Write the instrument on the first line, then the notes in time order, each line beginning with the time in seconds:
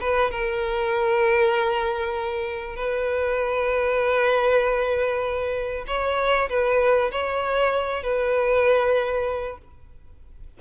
violin
0.00 B4
0.31 A#4
2.76 B4
5.87 C#5
6.49 B4
7.11 C#5
8.03 B4